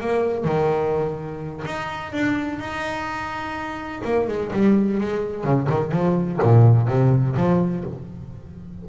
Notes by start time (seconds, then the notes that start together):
0.00 A#3
0.44 D#3
1.65 D#4
2.12 D4
2.59 D#4
4.04 A#3
4.27 G#3
4.52 G3
5.00 G#3
5.44 C#3
5.69 D#3
5.91 F3
6.42 A#2
6.87 C3
7.36 F3